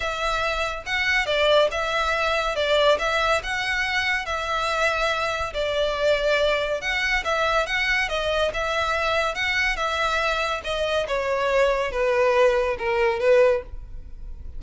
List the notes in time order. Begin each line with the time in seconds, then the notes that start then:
0.00 E5
0.86 F#5
1.26 D5
1.71 E5
2.55 D5
2.99 E5
3.43 F#5
4.25 E5
5.53 D5
6.81 F#5
7.24 E5
7.66 F#5
8.09 D#5
8.53 E5
9.34 F#5
9.76 E5
10.64 D#5
11.07 C#5
11.91 B4
12.78 A#4
13.19 B4